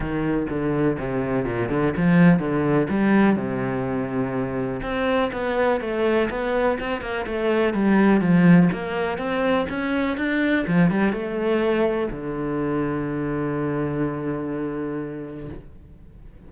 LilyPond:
\new Staff \with { instrumentName = "cello" } { \time 4/4 \tempo 4 = 124 dis4 d4 c4 ais,8 d8 | f4 d4 g4 c4~ | c2 c'4 b4 | a4 b4 c'8 ais8 a4 |
g4 f4 ais4 c'4 | cis'4 d'4 f8 g8 a4~ | a4 d2.~ | d1 | }